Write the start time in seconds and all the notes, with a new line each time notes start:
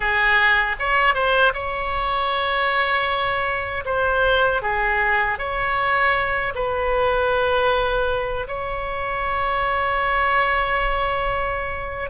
0.00 G#4
0.79 C#5
1.14 C5
1.53 C#5
3.85 C5
4.62 G#4
5.38 C#5
6.54 B4
8.47 C#5